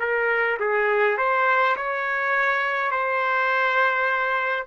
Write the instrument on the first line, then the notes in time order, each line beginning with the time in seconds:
trumpet
0.00 A#4
0.60 G#4
1.18 C5
1.77 C#5
2.92 C5